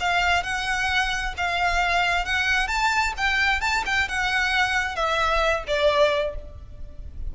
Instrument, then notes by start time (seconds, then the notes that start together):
violin
0.00 F5
0.43 F#5
1.37 F5
2.25 F#5
2.68 A5
3.17 G5
3.61 A5
3.86 G5
4.08 F#5
4.95 E5
5.67 D5